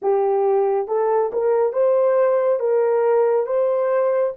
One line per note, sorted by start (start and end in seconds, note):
0.02 0.87 G4
0.87 1.31 A4
1.32 1.72 A#4
1.72 2.59 C5
2.59 3.46 A#4
3.46 4.33 C5